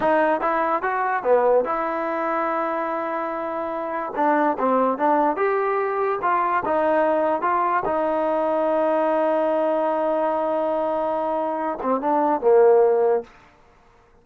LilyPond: \new Staff \with { instrumentName = "trombone" } { \time 4/4 \tempo 4 = 145 dis'4 e'4 fis'4 b4 | e'1~ | e'2 d'4 c'4 | d'4 g'2 f'4 |
dis'2 f'4 dis'4~ | dis'1~ | dis'1~ | dis'8 c'8 d'4 ais2 | }